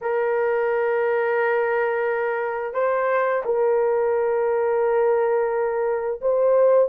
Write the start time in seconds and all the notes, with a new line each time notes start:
0.01 A#4
2.73 C5
3.45 A#4
6.21 C5